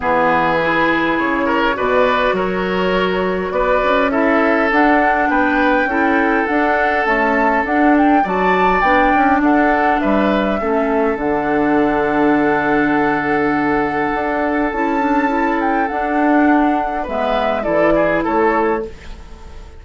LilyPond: <<
  \new Staff \with { instrumentName = "flute" } { \time 4/4 \tempo 4 = 102 b'2 cis''4 d''4 | cis''2 d''4 e''4 | fis''4 g''2 fis''4 | a''4 fis''8 g''8 a''4 g''4 |
fis''4 e''2 fis''4~ | fis''1~ | fis''4 a''4. g''8 fis''4~ | fis''4 e''4 d''4 cis''4 | }
  \new Staff \with { instrumentName = "oboe" } { \time 4/4 gis'2~ gis'8 ais'8 b'4 | ais'2 b'4 a'4~ | a'4 b'4 a'2~ | a'2 d''2 |
a'4 b'4 a'2~ | a'1~ | a'1~ | a'4 b'4 a'8 gis'8 a'4 | }
  \new Staff \with { instrumentName = "clarinet" } { \time 4/4 b4 e'2 fis'4~ | fis'2. e'4 | d'2 e'4 d'4 | a4 d'4 fis'4 d'4~ |
d'2 cis'4 d'4~ | d'1~ | d'4 e'8 d'8 e'4 d'4~ | d'4 b4 e'2 | }
  \new Staff \with { instrumentName = "bassoon" } { \time 4/4 e2 cis4 b,4 | fis2 b8 cis'4. | d'4 b4 cis'4 d'4 | cis'4 d'4 fis4 b8 cis'8 |
d'4 g4 a4 d4~ | d1 | d'4 cis'2 d'4~ | d'4 gis4 e4 a4 | }
>>